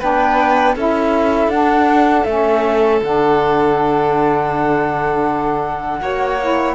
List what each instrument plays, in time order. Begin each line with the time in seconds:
0.00 cello B3, saxophone D4, violin B4, flute G5
0.75 cello C#4, saxophone E4, violin A4, flute E5
1.47 cello D4, saxophone D4, flute F#5
2.24 cello A3, saxophone C#4, flute E5
3.02 cello D3, saxophone D4, flute F#5
6.00 cello A#3, saxophone F#4, violin C#5
6.41 saxophone E4